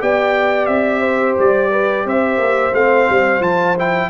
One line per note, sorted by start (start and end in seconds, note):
0.00 0.68 B3
0.00 2.73 G4
0.00 1.01 D5
0.00 0.66 G5
0.66 1.36 C4
0.66 1.34 E5
1.01 1.69 C5
1.39 2.05 G3
1.39 2.08 D5
1.71 2.05 B4
2.05 2.38 C4
2.05 4.10 C5
2.05 2.75 E5
2.38 2.72 A#3
2.73 3.08 A3
2.73 3.40 C4
2.73 3.42 F5
3.10 3.40 G3
3.40 4.08 F3
3.40 3.74 F4
3.40 3.77 A5
3.78 4.10 E4
3.78 4.10 G5